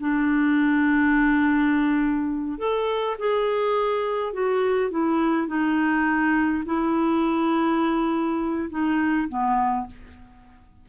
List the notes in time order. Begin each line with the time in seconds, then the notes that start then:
0.00 D4
2.58 A4
3.19 G#4
4.33 F#4
4.91 E4
5.48 D#4
6.66 E4
8.70 D#4
9.29 B3